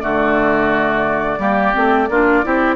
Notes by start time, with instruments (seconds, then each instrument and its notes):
0.00 bassoon D3, clarinet A3, oboe F#4, flute D5
1.38 bassoon G3, clarinet A#3, oboe G4
1.74 bassoon A3, clarinet C4
2.09 bassoon A#3, clarinet D4, oboe F4
2.44 bassoon C4, clarinet E4, oboe G4